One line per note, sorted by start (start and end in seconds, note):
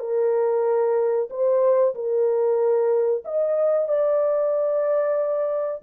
0.00 1.29 A#4
1.30 1.95 C5
1.95 3.24 A#4
3.25 3.89 D#5
3.89 5.82 D5